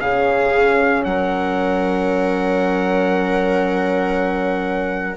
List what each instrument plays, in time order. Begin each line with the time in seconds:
0.00 bassoon C#3, horn C#4, viola G#4, trumpet F5
1.04 bassoon F#3, viola A#4, trumpet F#5